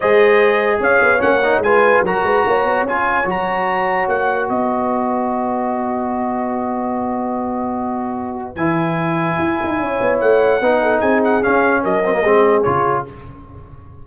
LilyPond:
<<
  \new Staff \with { instrumentName = "trumpet" } { \time 4/4 \tempo 4 = 147 dis''2 f''4 fis''4 | gis''4 ais''2 gis''4 | ais''2 fis''4 dis''4~ | dis''1~ |
dis''1~ | dis''4 gis''2.~ | gis''4 fis''2 gis''8 fis''8 | f''4 dis''2 cis''4 | }
  \new Staff \with { instrumentName = "horn" } { \time 4/4 c''2 cis''2 | b'4 ais'8 b'8 cis''2~ | cis''2. b'4~ | b'1~ |
b'1~ | b'1 | cis''2 b'8 a'8 gis'4~ | gis'4 ais'4 gis'2 | }
  \new Staff \with { instrumentName = "trombone" } { \time 4/4 gis'2. cis'8 dis'8 | f'4 fis'2 f'4 | fis'1~ | fis'1~ |
fis'1~ | fis'4 e'2.~ | e'2 dis'2 | cis'4. c'16 ais16 c'4 f'4 | }
  \new Staff \with { instrumentName = "tuba" } { \time 4/4 gis2 cis'8 b8 ais4 | gis4 fis8 gis8 ais8 b8 cis'4 | fis2 ais4 b4~ | b1~ |
b1~ | b4 e2 e'8 dis'8 | cis'8 b8 a4 b4 c'4 | cis'4 fis4 gis4 cis4 | }
>>